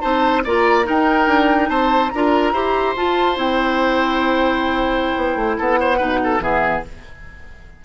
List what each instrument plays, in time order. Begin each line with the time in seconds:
0.00 bassoon C4, clarinet D#4, oboe C5, flute A5
0.44 bassoon A#3, clarinet F4, oboe D5, flute A#5
0.84 clarinet D#4, bassoon D#4, oboe A#4, flute G5
1.27 bassoon D4
1.69 bassoon C4, oboe C5, flute A5
2.10 bassoon D4, clarinet F4, oboe A#4, flute A#5
2.52 bassoon E4, clarinet G4, oboe C5
2.96 bassoon F4, clarinet F4, flute A5
3.35 bassoon C4, clarinet E4, flute G5
5.16 bassoon B3
5.35 bassoon A3
5.57 bassoon B3, oboe A4, flute F#5
5.80 oboe C5
5.97 bassoon B2, clarinet D#4, oboe B4
6.24 oboe A4
6.39 bassoon E3, clarinet B3, oboe G#4, flute E5